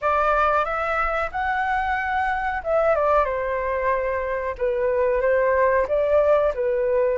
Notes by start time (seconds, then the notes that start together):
0.01 D5
0.64 E5
1.31 F#5
2.63 E5
2.95 D5
3.24 C5
4.58 B4
5.21 C5
5.88 D5
6.54 B4